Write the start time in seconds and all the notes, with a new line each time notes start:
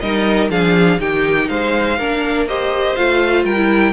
0.00 G3 D#4 A#4 D#5
0.50 F3 D4 G#4 F5
0.99 D#3 D#4 G4 G5
1.48 G#3 C5 F5
1.98 A#3 D4 A#4
2.47 G4 C5 D#5
2.95 A3 F4 F5
3.44 G3 A#4 G5
3.56 E4